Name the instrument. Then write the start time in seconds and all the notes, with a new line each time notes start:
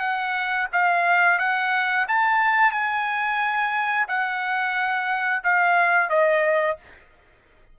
trumpet
0.00 F#5
0.73 F5
1.39 F#5
2.08 A5
2.72 G#5
4.08 F#5
5.44 F5
6.10 D#5